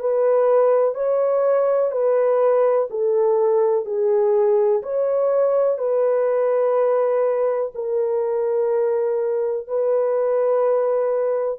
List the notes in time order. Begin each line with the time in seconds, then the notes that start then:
0.00 B4
0.95 C#5
1.92 B4
2.90 A4
3.85 G#4
4.83 C#5
5.78 B4
7.75 A#4
9.67 B4